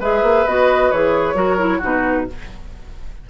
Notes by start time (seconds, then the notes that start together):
0.00 G#3 G#4 B4 E5
0.22 A#3
0.46 B3 F#4 D#5
0.91 E3 G#4 C#5
1.34 F#3 F#4 A#4
1.59 E4
1.78 B2 D#4 F#4
1.84 B4